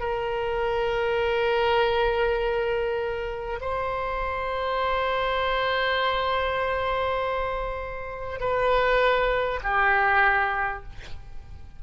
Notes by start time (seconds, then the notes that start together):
0.00 A#4
3.61 C5
8.41 B4
9.63 G4